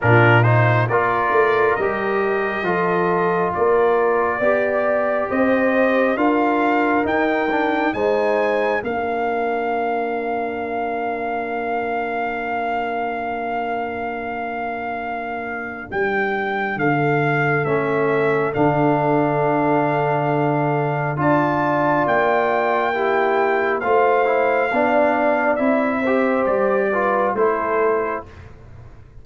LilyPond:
<<
  \new Staff \with { instrumentName = "trumpet" } { \time 4/4 \tempo 4 = 68 ais'8 c''8 d''4 dis''2 | d''2 dis''4 f''4 | g''4 gis''4 f''2~ | f''1~ |
f''2 g''4 f''4 | e''4 f''2. | a''4 g''2 f''4~ | f''4 e''4 d''4 c''4 | }
  \new Staff \with { instrumentName = "horn" } { \time 4/4 f'4 ais'2 a'4 | ais'4 d''4 c''4 ais'4~ | ais'4 c''4 ais'2~ | ais'1~ |
ais'2. a'4~ | a'1 | d''2 g'4 c''4 | d''4. c''4 b'8 a'4 | }
  \new Staff \with { instrumentName = "trombone" } { \time 4/4 d'8 dis'8 f'4 g'4 f'4~ | f'4 g'2 f'4 | dis'8 d'8 dis'4 d'2~ | d'1~ |
d'1 | cis'4 d'2. | f'2 e'4 f'8 e'8 | d'4 e'8 g'4 f'8 e'4 | }
  \new Staff \with { instrumentName = "tuba" } { \time 4/4 ais,4 ais8 a8 g4 f4 | ais4 b4 c'4 d'4 | dis'4 gis4 ais2~ | ais1~ |
ais2 g4 d4 | a4 d2. | d'4 ais2 a4 | b4 c'4 g4 a4 | }
>>